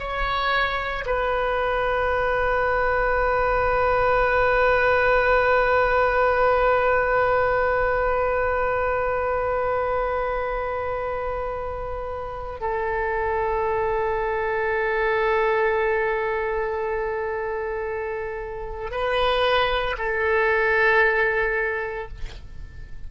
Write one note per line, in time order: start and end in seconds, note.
0.00 1.05 C#5
1.06 12.61 B4
12.61 18.91 A4
18.91 19.97 B4
19.98 22.09 A4